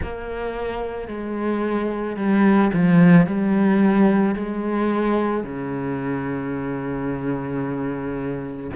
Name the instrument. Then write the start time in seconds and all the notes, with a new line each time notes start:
cello
0.02 A#3
1.08 G#3
2.16 G3
2.73 F3
3.26 G3
4.35 G#3
5.43 C#3